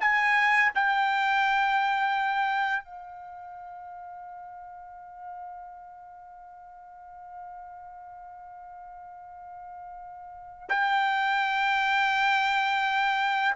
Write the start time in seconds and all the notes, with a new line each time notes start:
0.00 G#5
0.74 G5
2.84 F5
10.69 G5